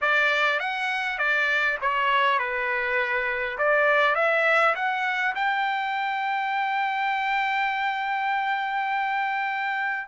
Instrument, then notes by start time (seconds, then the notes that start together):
trumpet
0.01 D5
0.59 F#5
1.18 D5
1.81 C#5
2.38 B4
3.58 D5
4.15 E5
4.75 F#5
5.35 G5